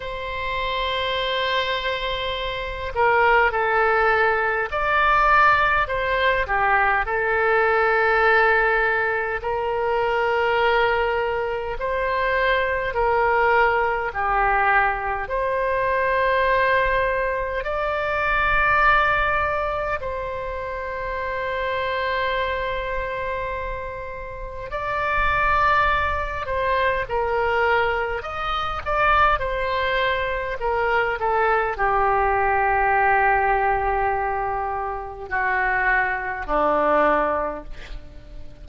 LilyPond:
\new Staff \with { instrumentName = "oboe" } { \time 4/4 \tempo 4 = 51 c''2~ c''8 ais'8 a'4 | d''4 c''8 g'8 a'2 | ais'2 c''4 ais'4 | g'4 c''2 d''4~ |
d''4 c''2.~ | c''4 d''4. c''8 ais'4 | dis''8 d''8 c''4 ais'8 a'8 g'4~ | g'2 fis'4 d'4 | }